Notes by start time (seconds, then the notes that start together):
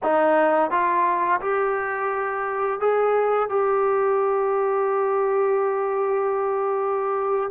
0.03 D#4
0.70 F4
1.40 G4
2.80 G#4
3.49 G4